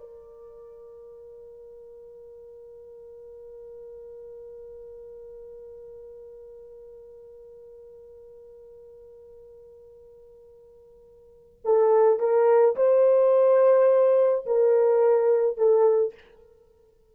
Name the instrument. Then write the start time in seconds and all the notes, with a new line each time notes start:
horn
0.00 A#4
11.64 A4
12.19 A#4
12.76 C5
14.46 A#4
15.58 A4